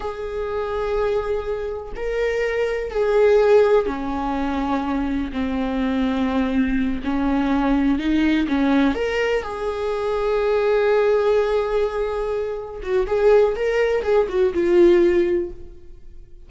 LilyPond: \new Staff \with { instrumentName = "viola" } { \time 4/4 \tempo 4 = 124 gis'1 | ais'2 gis'2 | cis'2. c'4~ | c'2~ c'8 cis'4.~ |
cis'8 dis'4 cis'4 ais'4 gis'8~ | gis'1~ | gis'2~ gis'8 fis'8 gis'4 | ais'4 gis'8 fis'8 f'2 | }